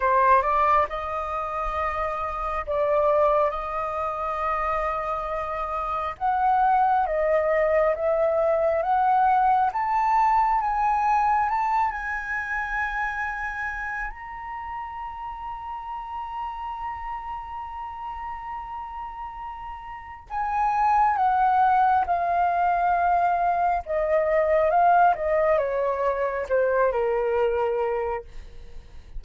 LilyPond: \new Staff \with { instrumentName = "flute" } { \time 4/4 \tempo 4 = 68 c''8 d''8 dis''2 d''4 | dis''2. fis''4 | dis''4 e''4 fis''4 a''4 | gis''4 a''8 gis''2~ gis''8 |
ais''1~ | ais''2. gis''4 | fis''4 f''2 dis''4 | f''8 dis''8 cis''4 c''8 ais'4. | }